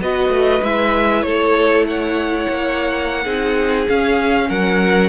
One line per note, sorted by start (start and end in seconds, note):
0.00 0.30 B3
0.00 0.62 F#4
0.00 1.26 B4
0.00 0.64 D#5
0.30 0.61 A3
0.62 1.23 G#3
0.62 3.25 E4
0.62 1.23 E5
1.23 2.47 A3
1.23 1.88 A4
1.23 1.84 C#5
1.88 3.24 C#5
1.88 3.89 F#5
2.49 3.26 A#3
3.24 3.88 C4
3.24 3.87 D#4
3.24 4.48 G#4
3.89 5.09 C#4
3.89 4.50 C#4
3.89 4.50 F5
4.49 5.09 F#3
4.49 5.09 A#4
4.49 5.09 F#5